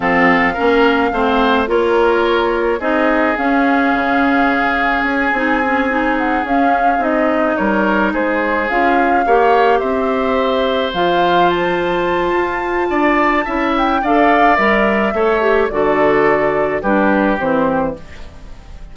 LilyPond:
<<
  \new Staff \with { instrumentName = "flute" } { \time 4/4 \tempo 4 = 107 f''2. cis''4~ | cis''4 dis''4 f''2~ | f''4 gis''2 fis''8 f''8~ | f''8 dis''4 cis''4 c''4 f''8~ |
f''4. e''2 f''8~ | f''8 a''2.~ a''8~ | a''8 g''8 f''4 e''2 | d''2 b'4 c''4 | }
  \new Staff \with { instrumentName = "oboe" } { \time 4/4 a'4 ais'4 c''4 ais'4~ | ais'4 gis'2.~ | gis'1~ | gis'4. ais'4 gis'4.~ |
gis'8 cis''4 c''2~ c''8~ | c''2. d''4 | e''4 d''2 cis''4 | a'2 g'2 | }
  \new Staff \with { instrumentName = "clarinet" } { \time 4/4 c'4 cis'4 c'4 f'4~ | f'4 dis'4 cis'2~ | cis'4. dis'8 cis'8 dis'4 cis'8~ | cis'8 dis'2. f'8~ |
f'8 g'2. f'8~ | f'1 | e'4 a'4 ais'4 a'8 g'8 | fis'2 d'4 c'4 | }
  \new Staff \with { instrumentName = "bassoon" } { \time 4/4 f4 ais4 a4 ais4~ | ais4 c'4 cis'4 cis4~ | cis4 cis'8 c'2 cis'8~ | cis'8 c'4 g4 gis4 cis'8~ |
cis'8 ais4 c'2 f8~ | f2 f'4 d'4 | cis'4 d'4 g4 a4 | d2 g4 e4 | }
>>